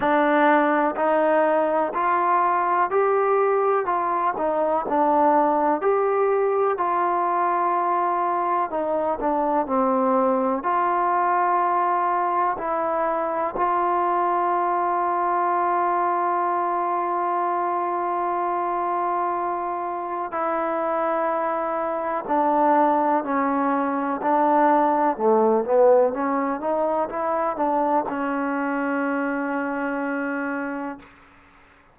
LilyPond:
\new Staff \with { instrumentName = "trombone" } { \time 4/4 \tempo 4 = 62 d'4 dis'4 f'4 g'4 | f'8 dis'8 d'4 g'4 f'4~ | f'4 dis'8 d'8 c'4 f'4~ | f'4 e'4 f'2~ |
f'1~ | f'4 e'2 d'4 | cis'4 d'4 a8 b8 cis'8 dis'8 | e'8 d'8 cis'2. | }